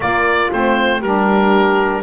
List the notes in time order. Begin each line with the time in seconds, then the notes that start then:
0.00 A#3 F4 D5
0.52 A3 C4 C5
0.99 G3 D4 G4 A#4